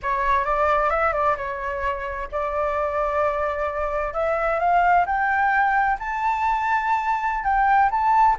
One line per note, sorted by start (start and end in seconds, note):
0.02 0.44 C#5
0.44 0.90 D5
0.90 1.13 E5
1.13 1.36 D5
1.36 2.28 C#5
2.31 4.13 D5
4.13 4.59 E5
4.59 5.05 F5
5.05 5.97 G5
5.99 7.43 A5
7.43 7.89 G5
7.90 8.36 A5